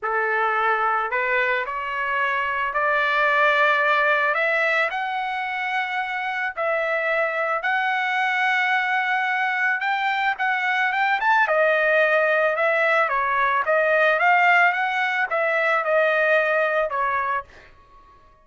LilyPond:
\new Staff \with { instrumentName = "trumpet" } { \time 4/4 \tempo 4 = 110 a'2 b'4 cis''4~ | cis''4 d''2. | e''4 fis''2. | e''2 fis''2~ |
fis''2 g''4 fis''4 | g''8 a''8 dis''2 e''4 | cis''4 dis''4 f''4 fis''4 | e''4 dis''2 cis''4 | }